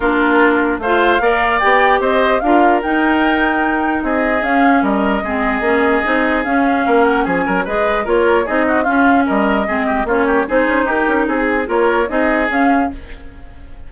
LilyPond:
<<
  \new Staff \with { instrumentName = "flute" } { \time 4/4 \tempo 4 = 149 ais'2 f''2 | g''4 dis''4 f''4 g''4~ | g''2 dis''4 f''4 | dis''1 |
f''4. fis''8 gis''4 dis''4 | cis''4 dis''4 f''4 dis''4~ | dis''4 cis''4 c''4 ais'4 | gis'4 cis''4 dis''4 f''4 | }
  \new Staff \with { instrumentName = "oboe" } { \time 4/4 f'2 c''4 d''4~ | d''4 c''4 ais'2~ | ais'2 gis'2 | ais'4 gis'2.~ |
gis'4 ais'4 gis'8 ais'8 b'4 | ais'4 gis'8 fis'8 f'4 ais'4 | gis'8 g'8 f'8 g'8 gis'4 g'4 | gis'4 ais'4 gis'2 | }
  \new Staff \with { instrumentName = "clarinet" } { \time 4/4 d'2 f'4 ais'4 | g'2 f'4 dis'4~ | dis'2. cis'4~ | cis'4 c'4 cis'4 dis'4 |
cis'2. gis'4 | f'4 dis'4 cis'2 | c'4 cis'4 dis'2~ | dis'4 f'4 dis'4 cis'4 | }
  \new Staff \with { instrumentName = "bassoon" } { \time 4/4 ais2 a4 ais4 | b4 c'4 d'4 dis'4~ | dis'2 c'4 cis'4 | g4 gis4 ais4 c'4 |
cis'4 ais4 f8 fis8 gis4 | ais4 c'4 cis'4 g4 | gis4 ais4 c'8 cis'8 dis'8 cis'8 | c'4 ais4 c'4 cis'4 | }
>>